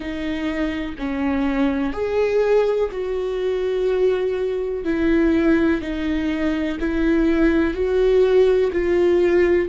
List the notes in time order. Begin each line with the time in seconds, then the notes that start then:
0.00 D#4
0.98 C#4
1.92 G#4
2.91 F#4
4.84 E4
5.81 D#4
6.80 E4
7.74 F#4
8.72 F4